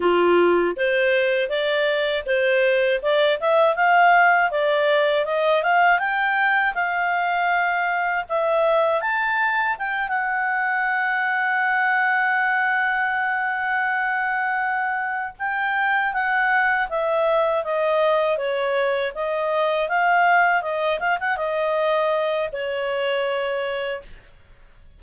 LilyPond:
\new Staff \with { instrumentName = "clarinet" } { \time 4/4 \tempo 4 = 80 f'4 c''4 d''4 c''4 | d''8 e''8 f''4 d''4 dis''8 f''8 | g''4 f''2 e''4 | a''4 g''8 fis''2~ fis''8~ |
fis''1~ | fis''8 g''4 fis''4 e''4 dis''8~ | dis''8 cis''4 dis''4 f''4 dis''8 | f''16 fis''16 dis''4. cis''2 | }